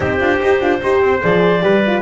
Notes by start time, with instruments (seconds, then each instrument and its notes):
0.00 double bass C4, horn D#4, trumpet G4, clarinet C5
0.19 double bass D4, horn F4
0.41 double bass D#4, horn G4
0.60 double bass D4, horn F4
0.82 double bass D#4, horn G4, trumpet C5
1.01 double bass C4
1.21 double bass F3, horn G#4, clarinet D5
1.61 double bass G3, horn G4, trumpet B4
1.86 horn F4